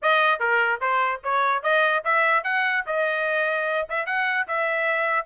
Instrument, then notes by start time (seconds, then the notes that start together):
trumpet
0.02 D#5
0.39 A#4
0.80 C5
1.23 C#5
1.62 D#5
2.04 E5
2.43 F#5
2.86 D#5
3.89 E5
4.06 F#5
4.47 E5